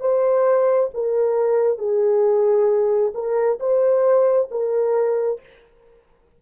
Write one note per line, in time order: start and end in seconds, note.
0.00 0.90 C5
0.94 1.78 A#4
1.78 3.13 G#4
3.14 3.59 A#4
3.60 4.49 C5
4.51 5.41 A#4